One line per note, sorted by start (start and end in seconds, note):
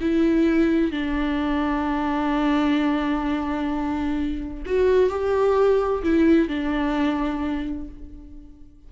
0.00 0.91 E4
0.91 4.63 D4
4.66 5.09 F#4
5.09 6.02 G4
6.03 6.48 E4
6.48 7.87 D4